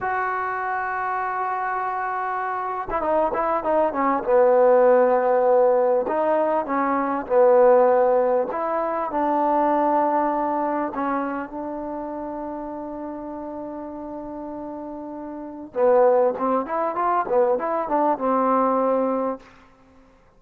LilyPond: \new Staff \with { instrumentName = "trombone" } { \time 4/4 \tempo 4 = 99 fis'1~ | fis'8. e'16 dis'8 e'8 dis'8 cis'8 b4~ | b2 dis'4 cis'4 | b2 e'4 d'4~ |
d'2 cis'4 d'4~ | d'1~ | d'2 b4 c'8 e'8 | f'8 b8 e'8 d'8 c'2 | }